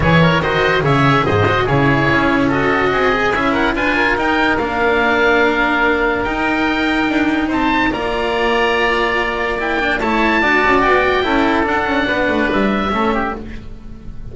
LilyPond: <<
  \new Staff \with { instrumentName = "oboe" } { \time 4/4 \tempo 4 = 144 cis''4 dis''4 e''4 dis''4 | cis''2 dis''2 | e''8 fis''8 gis''4 g''4 f''4~ | f''2. g''4~ |
g''2 a''4 ais''4~ | ais''2. g''4 | a''2 g''2 | fis''2 e''2 | }
  \new Staff \with { instrumentName = "oboe" } { \time 4/4 gis'8 ais'8 c''4 cis''4 c''4 | gis'2 a'4 gis'4~ | gis'8 ais'8 b'8 ais'2~ ais'8~ | ais'1~ |
ais'2 c''4 d''4~ | d''1 | cis''4 d''2 a'4~ | a'4 b'2 a'8 g'8 | }
  \new Staff \with { instrumentName = "cello" } { \time 4/4 e'4 fis'4 gis'4. fis'8 | e'2 fis'4. gis'8 | e'4 f'4 dis'4 d'4~ | d'2. dis'4~ |
dis'2. f'4~ | f'2. e'8 d'8 | e'4 fis'2 e'4 | d'2. cis'4 | }
  \new Staff \with { instrumentName = "double bass" } { \time 4/4 e4 dis4 cis4 gis,4 | cis4 cis'2 c'4 | cis'4 d'4 dis'4 ais4~ | ais2. dis'4~ |
dis'4 d'4 c'4 ais4~ | ais1 | a4 d'8 cis'8 b4 cis'4 | d'8 cis'8 b8 a8 g4 a4 | }
>>